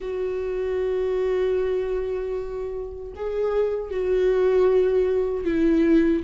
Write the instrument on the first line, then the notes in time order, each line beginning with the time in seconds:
viola
0.00 F#4
3.15 G#4
3.90 F#4
5.44 E4